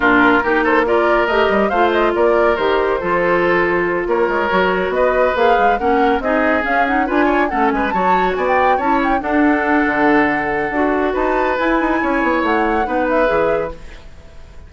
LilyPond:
<<
  \new Staff \with { instrumentName = "flute" } { \time 4/4 \tempo 4 = 140 ais'4. c''8 d''4 dis''4 | f''8 dis''8 d''4 c''2~ | c''4. cis''2 dis''8~ | dis''8 f''4 fis''4 dis''4 f''8 |
fis''8 gis''4 fis''8 gis''8 a''4 gis''16 g''16~ | g''8 a''8 g''8 fis''2~ fis''8~ | fis''2 a''4 gis''4~ | gis''4 fis''4. e''4. | }
  \new Staff \with { instrumentName = "oboe" } { \time 4/4 f'4 g'8 a'8 ais'2 | c''4 ais'2 a'4~ | a'4. ais'2 b'8~ | b'4. ais'4 gis'4.~ |
gis'8 b'8 cis''8 a'8 b'8 cis''4 d''8~ | d''8 cis''4 a'2~ a'8~ | a'2 b'2 | cis''2 b'2 | }
  \new Staff \with { instrumentName = "clarinet" } { \time 4/4 d'4 dis'4 f'4 g'4 | f'2 g'4 f'4~ | f'2~ f'8 fis'4.~ | fis'8 gis'4 cis'4 dis'4 cis'8 |
dis'8 f'4 cis'4 fis'4.~ | fis'8 e'4 d'2~ d'8~ | d'4 fis'2 e'4~ | e'2 dis'4 gis'4 | }
  \new Staff \with { instrumentName = "bassoon" } { \time 4/4 ais,4 ais2 a8 g8 | a4 ais4 dis4 f4~ | f4. ais8 gis8 fis4 b8~ | b8 ais8 gis8 ais4 c'4 cis'8~ |
cis'8 d'4 a8 gis8 fis4 b8~ | b8 cis'4 d'4. d4~ | d4 d'4 dis'4 e'8 dis'8 | cis'8 b8 a4 b4 e4 | }
>>